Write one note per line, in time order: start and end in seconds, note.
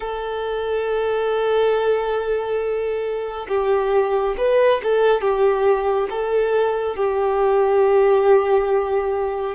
0.00 3.46 A4
3.48 4.35 G4
4.37 4.81 B4
4.83 5.21 A4
5.21 6.08 G4
6.10 6.96 A4
6.96 9.55 G4